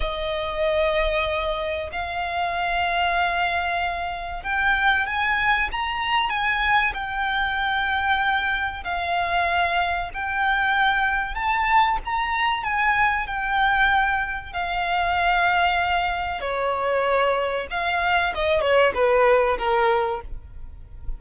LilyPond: \new Staff \with { instrumentName = "violin" } { \time 4/4 \tempo 4 = 95 dis''2. f''4~ | f''2. g''4 | gis''4 ais''4 gis''4 g''4~ | g''2 f''2 |
g''2 a''4 ais''4 | gis''4 g''2 f''4~ | f''2 cis''2 | f''4 dis''8 cis''8 b'4 ais'4 | }